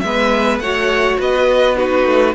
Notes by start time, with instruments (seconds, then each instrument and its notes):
0.00 cello G#3, viola B3, violin B4 E5
0.59 cello A3, viola F#4, violin C#5 F#5
1.19 cello B3, violin B4 D#5
1.75 viola D#4, violin F#4 B4
2.06 cello A3